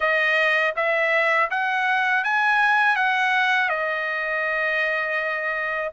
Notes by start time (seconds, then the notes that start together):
0.00 D#5
0.75 E5
1.50 F#5
2.24 G#5
2.96 F#5
3.69 D#5